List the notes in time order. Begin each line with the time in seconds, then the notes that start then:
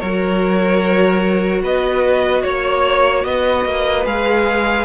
0.00 F#3 F#4 A#4 C#5
1.62 B3 B4 D#5
2.43 A#3 C#5
3.25 B3 B4 D#5
3.65 A#3
4.05 G#3 G#4 F5